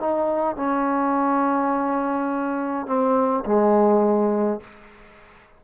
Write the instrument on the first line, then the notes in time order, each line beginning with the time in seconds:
trombone
0.00 D#4
0.56 C#4
2.87 C4
3.46 G#3